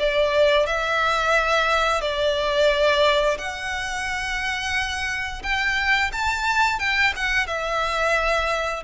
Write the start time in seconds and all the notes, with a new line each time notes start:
0.00 D5
0.67 E5
2.02 D5
3.38 F#5
5.43 G5
6.13 A5
6.80 G5
7.17 F#5
7.48 E5